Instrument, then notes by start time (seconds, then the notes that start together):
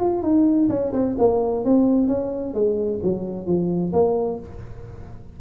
tuba
0.00 F4
0.23 D#4
0.69 C#4
0.93 C4
1.19 A#3
1.65 C4
2.08 C#4
2.54 G#3
3.03 F#3
3.47 F3
3.93 A#3